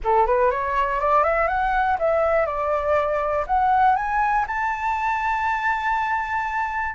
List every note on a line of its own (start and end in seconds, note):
0.04 0.26 A4
0.26 0.50 B4
0.50 1.00 C#5
1.00 1.23 D5
1.23 1.47 E5
1.47 1.97 F#5
1.98 2.46 E5
2.46 3.45 D5
3.46 3.95 F#5
3.95 4.45 G#5
4.47 6.95 A5